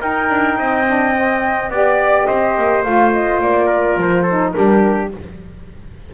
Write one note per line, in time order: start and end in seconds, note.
0.00 0.85 D#4
0.00 0.30 D#4
0.00 0.58 A#4
0.00 1.71 G5
0.30 0.58 D4
0.58 1.69 C4
0.58 1.71 D#5
0.87 1.14 D4
1.14 1.70 C4
1.69 2.26 B3
1.69 2.84 G4
1.69 2.27 D5
1.69 2.26 D5
2.26 2.57 C4
2.26 3.66 C5
2.26 2.82 D#5
2.57 2.85 A#3
2.83 3.41 A3
2.83 4.26 F4
2.83 3.12 F5
3.13 3.41 D#5
3.41 3.97 A#3
3.41 3.98 D5
3.66 4.23 A#4
3.97 4.54 F3
3.97 4.51 C5
4.23 4.51 A4
4.29 4.55 D#4
4.51 5.12 D4
4.51 5.13 G4
4.51 5.07 A#4
4.57 5.14 G3